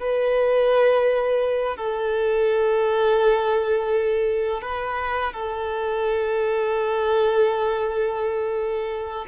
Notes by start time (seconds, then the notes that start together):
0.00 B4
1.77 A4
4.62 B4
5.33 A4